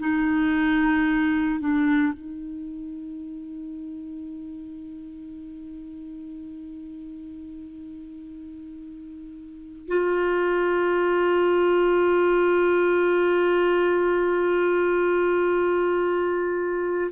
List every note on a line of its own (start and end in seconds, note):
0.00 1.60 D#4
1.60 2.13 D4
2.13 9.88 D#4
9.88 17.11 F4